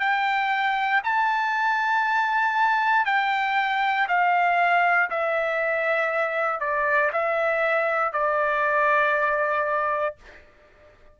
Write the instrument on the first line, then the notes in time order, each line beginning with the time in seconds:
trumpet
0.00 G5
1.04 A5
3.06 G5
4.08 F5
5.10 E5
6.61 D5
7.13 E5
8.13 D5